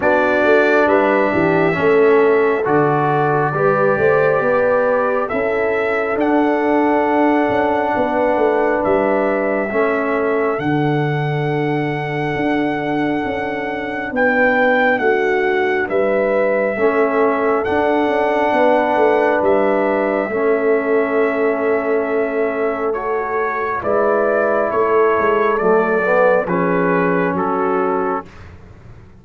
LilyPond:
<<
  \new Staff \with { instrumentName = "trumpet" } { \time 4/4 \tempo 4 = 68 d''4 e''2 d''4~ | d''2 e''4 fis''4~ | fis''2 e''2 | fis''1 |
g''4 fis''4 e''2 | fis''2 e''2~ | e''2 cis''4 d''4 | cis''4 d''4 b'4 a'4 | }
  \new Staff \with { instrumentName = "horn" } { \time 4/4 fis'4 b'8 g'8 a'2 | b'8 c''8 b'4 a'2~ | a'4 b'2 a'4~ | a'1 |
b'4 fis'4 b'4 a'4~ | a'4 b'2 a'4~ | a'2. b'4 | a'2 gis'4 fis'4 | }
  \new Staff \with { instrumentName = "trombone" } { \time 4/4 d'2 cis'4 fis'4 | g'2 e'4 d'4~ | d'2. cis'4 | d'1~ |
d'2. cis'4 | d'2. cis'4~ | cis'2 fis'4 e'4~ | e'4 a8 b8 cis'2 | }
  \new Staff \with { instrumentName = "tuba" } { \time 4/4 b8 a8 g8 e8 a4 d4 | g8 a8 b4 cis'4 d'4~ | d'8 cis'8 b8 a8 g4 a4 | d2 d'4 cis'4 |
b4 a4 g4 a4 | d'8 cis'8 b8 a8 g4 a4~ | a2. gis4 | a8 gis8 fis4 f4 fis4 | }
>>